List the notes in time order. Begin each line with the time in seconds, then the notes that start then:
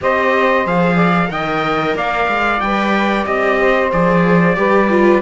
0.01 C4 G4 C5 D#5
0.65 F3 G#4 F5
0.95 D5
1.26 D#3 A#4 D#5 G5
1.94 A#3 D5 F5
2.28 G#3
2.60 G3 B4 G5
3.24 C4 G4 D#5
3.59 C5
3.92 F3 G#4 D5
4.55 G3 G4 B4
4.89 F4